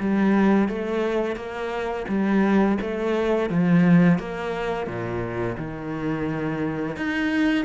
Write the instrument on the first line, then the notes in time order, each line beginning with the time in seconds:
cello
0.00 G3
0.68 A3
1.36 A#3
2.08 G3
2.81 A3
3.49 F3
4.19 A#3
4.86 A#2
5.58 D#3
6.96 D#4